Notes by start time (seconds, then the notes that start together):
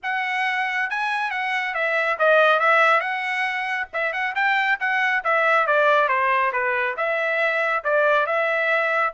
0.02 F#5
0.89 G#5
1.30 F#5
1.74 E5
2.18 D#5
2.59 E5
3.00 F#5
3.93 E5
4.12 F#5
4.35 G5
4.80 F#5
5.24 E5
5.66 D5
6.08 C5
6.52 B4
6.96 E5
7.84 D5
8.26 E5